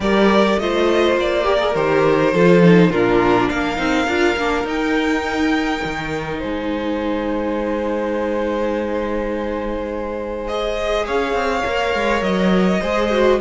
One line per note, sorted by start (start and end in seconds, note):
0.00 0.56 G3
0.00 0.60 G4
0.00 0.59 A#4
0.00 0.59 D5
0.58 1.17 A3
0.58 1.43 F4
0.58 1.47 C5
0.58 1.17 D#5
1.17 1.75 A#3
1.17 1.75 D5
1.43 1.58 G4
1.43 2.34 A#4
1.59 1.73 G#4
1.75 2.33 D#3
1.75 2.33 G4
1.75 2.91 C5
2.33 2.89 F3
2.33 2.63 F4
2.33 2.90 A4
2.63 2.92 D#4
2.89 3.48 A#2
2.89 3.76 D4
2.89 3.48 F4
2.89 3.49 A#4
3.49 3.78 A#3
3.49 6.38 A#4
3.49 4.66 F5
3.76 4.07 C4
3.76 4.05 D#4
4.07 4.36 D4
4.07 4.37 F4
4.36 4.64 A#3
4.36 4.65 D4
4.64 5.80 D#4
4.64 10.48 D#4
4.64 6.42 G5
5.84 6.42 D#3
6.38 11.08 G#3
6.38 11.04 C5
6.38 10.47 G#5
10.47 11.64 G#4
10.47 11.05 D#5
11.06 11.33 C#4
11.06 12.80 C#5
11.06 12.23 F5
11.33 11.62 C4
11.64 11.94 A#3
11.64 12.81 A#4
11.94 12.21 G#3
12.21 12.80 F#3
12.21 13.39 D#5
12.81 13.40 G#3
12.81 13.11 G#4
12.81 13.39 C5
13.11 13.40 F#4